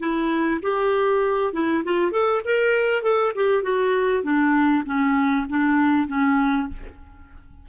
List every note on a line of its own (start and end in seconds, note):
0.00 0.61 E4
0.63 1.53 G4
1.53 1.84 E4
1.85 2.12 F4
2.12 2.42 A4
2.45 3.02 A#4
3.02 3.33 A4
3.36 3.63 G4
3.63 4.23 F#4
4.23 4.84 D4
4.86 5.47 C#4
5.49 6.08 D4
6.08 6.68 C#4